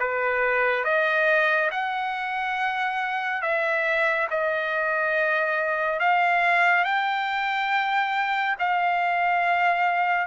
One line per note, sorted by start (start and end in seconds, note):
0.00 0.85 B4
0.85 1.70 D#5
1.71 3.42 F#5
3.42 4.28 E5
4.31 6.00 D#5
6.00 6.85 F5
6.85 8.56 G5
8.59 10.27 F5